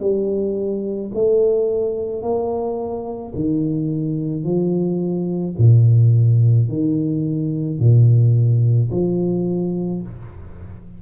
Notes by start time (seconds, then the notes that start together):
0.00 G3
1.14 A3
2.22 A#3
3.35 D#3
4.44 F3
5.58 A#2
6.69 D#3
7.79 A#2
8.91 F3